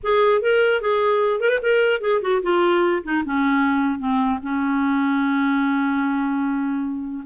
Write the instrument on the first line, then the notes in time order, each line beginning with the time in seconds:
clarinet
0.03 G#4
0.41 A#4
0.81 G#4
1.40 A#4
1.49 B4
1.61 A#4
2.00 G#4
2.21 F#4
2.42 F4
3.03 D#4
3.25 C#4
3.98 C4
4.42 C#4